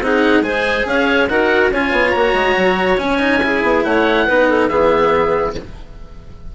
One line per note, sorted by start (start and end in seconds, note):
0.00 0.41 C4
0.00 0.43 D#4
0.00 0.44 G#4
0.00 0.43 F#5
0.41 0.83 G#3
0.41 1.28 G#4
0.41 0.86 C5
0.41 0.86 G#5
0.85 1.28 C#4
0.85 1.30 C#5
0.85 1.28 F5
1.28 1.71 D#4
1.28 1.72 F#4
1.28 1.72 A#4
1.28 1.71 F#5
1.71 1.92 C#4
1.71 2.16 F4
1.71 3.43 C#5
1.71 2.11 G#5
1.92 2.13 B3
2.11 2.33 A#3
2.11 2.98 F#4
2.11 2.96 A#5
2.33 2.55 G#3
2.56 2.99 F#3
2.98 3.19 C#4
2.98 3.62 C#4
2.98 3.84 G#5
3.19 3.40 D#4
3.43 4.28 E4
3.43 3.85 G#4
3.62 3.84 B3
3.84 4.27 A3
3.84 4.26 C#5
3.84 4.68 F#5
4.26 4.70 B3
4.26 4.70 D#4
4.26 4.47 B4
4.48 4.69 A4
4.68 5.55 E3
4.68 5.55 B3
4.68 5.54 G#4
4.68 5.53 E5